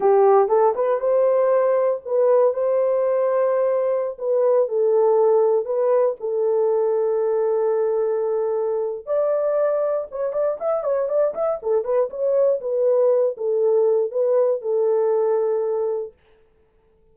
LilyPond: \new Staff \with { instrumentName = "horn" } { \time 4/4 \tempo 4 = 119 g'4 a'8 b'8 c''2 | b'4 c''2.~ | c''16 b'4 a'2 b'8.~ | b'16 a'2.~ a'8.~ |
a'2 d''2 | cis''8 d''8 e''8 cis''8 d''8 e''8 a'8 b'8 | cis''4 b'4. a'4. | b'4 a'2. | }